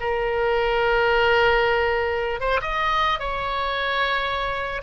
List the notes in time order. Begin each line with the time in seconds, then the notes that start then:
0.00 A#4
2.40 C5
2.61 D#5
3.20 C#5